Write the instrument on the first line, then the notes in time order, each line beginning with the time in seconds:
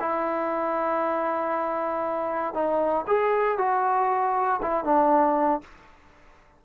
trombone
0.00 E4
2.54 D#4
3.07 G#4
3.58 F#4
4.62 E4
4.84 D4